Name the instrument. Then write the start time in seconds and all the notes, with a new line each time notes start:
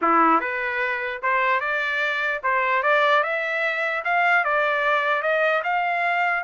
trumpet
0.01 E4
0.40 B4
1.22 C5
1.60 D5
2.43 C5
2.83 D5
3.23 E5
4.04 F5
4.44 D5
5.22 D#5
5.63 F5